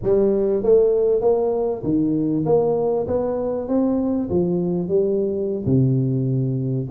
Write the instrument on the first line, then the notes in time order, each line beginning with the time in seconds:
tuba
0.02 G3
0.63 A3
1.21 A#3
1.83 D#3
2.45 A#3
3.07 B3
3.68 C4
4.29 F3
4.88 G3
5.65 C3